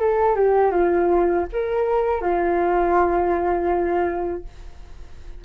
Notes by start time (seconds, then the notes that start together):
0.00 A4
0.36 G4
0.71 F4
1.53 A#4
2.22 F4